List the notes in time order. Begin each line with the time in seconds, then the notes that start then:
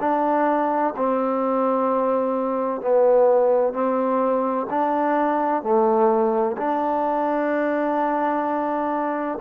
0.00 D4
0.96 C4
2.81 B3
3.73 C4
4.70 D4
5.62 A3
6.57 D4